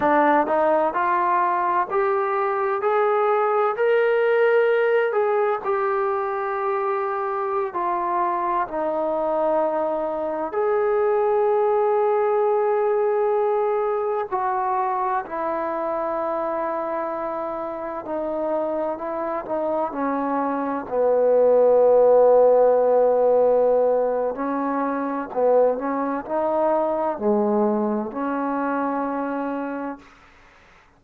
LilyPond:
\new Staff \with { instrumentName = "trombone" } { \time 4/4 \tempo 4 = 64 d'8 dis'8 f'4 g'4 gis'4 | ais'4. gis'8 g'2~ | g'16 f'4 dis'2 gis'8.~ | gis'2.~ gis'16 fis'8.~ |
fis'16 e'2. dis'8.~ | dis'16 e'8 dis'8 cis'4 b4.~ b16~ | b2 cis'4 b8 cis'8 | dis'4 gis4 cis'2 | }